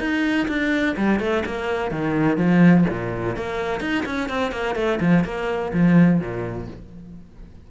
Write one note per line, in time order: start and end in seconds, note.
0.00 0.48 D#4
0.48 0.96 D4
0.97 1.20 G3
1.20 1.44 A3
1.46 1.91 A#3
1.91 2.37 D#3
2.37 2.85 F3
2.90 3.36 A#2
3.36 3.81 A#3
3.81 4.05 D#4
4.06 4.29 C#4
4.29 4.52 C4
4.52 4.76 A#3
4.76 4.99 A3
5.01 5.24 F3
5.24 5.72 A#3
5.74 6.20 F3
6.20 6.68 A#2